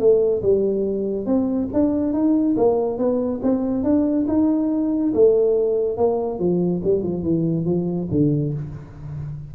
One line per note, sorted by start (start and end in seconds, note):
0.00 0.43 A3
0.43 1.26 G3
1.26 1.69 C4
1.74 2.14 D4
2.14 2.56 D#4
2.57 2.98 A#3
2.98 3.41 B3
3.44 3.84 C4
3.84 4.27 D4
4.28 5.14 D#4
5.15 5.97 A3
5.97 6.40 A#3
6.40 6.82 F3
6.85 7.04 G3
7.04 7.23 F3
7.23 7.66 E3
7.66 8.08 F3
8.12 8.54 D3